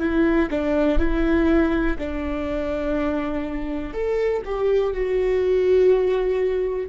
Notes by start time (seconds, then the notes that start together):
0.00 E4
0.50 D4
0.98 E4
1.98 D4
3.93 A4
4.45 G4
4.93 F#4